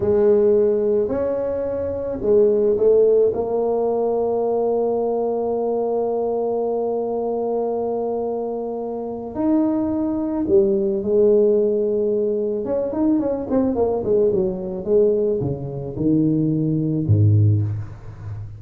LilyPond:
\new Staff \with { instrumentName = "tuba" } { \time 4/4 \tempo 4 = 109 gis2 cis'2 | gis4 a4 ais2~ | ais1~ | ais1~ |
ais4 dis'2 g4 | gis2. cis'8 dis'8 | cis'8 c'8 ais8 gis8 fis4 gis4 | cis4 dis2 gis,4 | }